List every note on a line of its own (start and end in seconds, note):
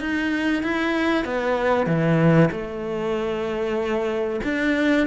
0.00 0.63 D#4
0.63 1.25 E4
1.25 1.87 B3
1.87 2.50 E3
2.51 4.41 A3
4.44 5.07 D4